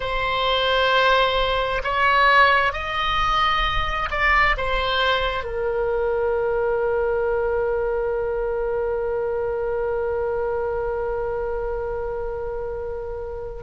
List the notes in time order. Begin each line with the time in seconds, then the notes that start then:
0.00 C5
1.83 C#5
2.72 D#5
4.10 D5
4.57 C5
5.44 A#4